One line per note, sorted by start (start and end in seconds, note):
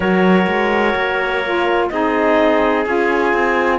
0.00 0.46 F#3
0.00 1.42 F#4
0.00 1.88 A#4
0.00 1.88 C#5
0.47 0.94 G#3
0.95 1.90 A#3
1.44 1.91 F4
1.89 2.86 C4
1.89 2.85 D#4
1.89 3.78 G#4
1.89 2.84 D#5
2.85 3.33 C#4
2.85 3.78 F4
2.85 3.78 G#5
3.33 3.78 C4